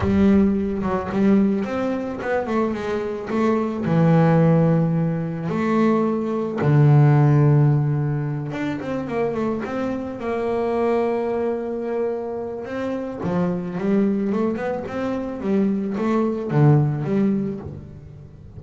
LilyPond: \new Staff \with { instrumentName = "double bass" } { \time 4/4 \tempo 4 = 109 g4. fis8 g4 c'4 | b8 a8 gis4 a4 e4~ | e2 a2 | d2.~ d8 d'8 |
c'8 ais8 a8 c'4 ais4.~ | ais2. c'4 | f4 g4 a8 b8 c'4 | g4 a4 d4 g4 | }